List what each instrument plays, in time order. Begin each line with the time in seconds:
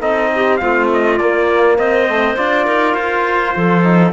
0.00 cello C4, trombone D#4, clarinet A4, trumpet D#5
0.35 clarinet G4
0.57 cello A3, trombone C4, clarinet F4, trumpet F5
0.94 trumpet D#5
1.18 cello A#3, trombone A#3, trumpet D5
1.77 cello C4, clarinet C5, trumpet D#5
2.08 trombone A3
2.37 cello D4, trombone F4, trumpet D5
2.66 cello D#4, clarinet A#4
2.95 cello F4, trumpet C5
3.56 cello F3, clarinet A4
3.83 trombone D#4